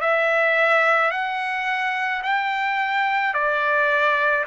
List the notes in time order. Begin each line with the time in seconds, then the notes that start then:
0.00 E5
1.11 F#5
2.23 G5
3.33 D5